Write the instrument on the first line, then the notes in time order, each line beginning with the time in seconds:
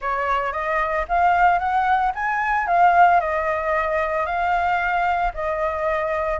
flute
0.01 C#5
0.52 D#5
1.08 F5
1.58 F#5
2.14 G#5
2.67 F5
3.20 D#5
4.26 F5
5.34 D#5